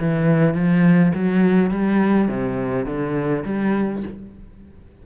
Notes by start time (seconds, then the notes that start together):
0.00 E3
0.55 F3
1.14 F#3
1.71 G3
2.29 C3
2.86 D3
3.45 G3